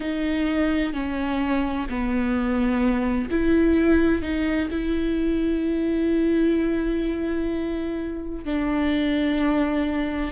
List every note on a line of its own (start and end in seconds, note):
0.00 0.93 D#4
0.93 1.87 C#4
1.89 3.29 B3
3.30 4.22 E4
4.22 4.69 D#4
4.70 8.45 E4
8.45 10.31 D4